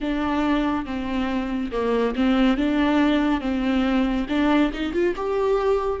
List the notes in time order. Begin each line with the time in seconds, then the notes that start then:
0.00 D4
0.85 C4
1.71 A#3
2.15 C4
2.57 D4
3.41 C4
4.29 D4
4.73 D#4
4.92 F4
5.16 G4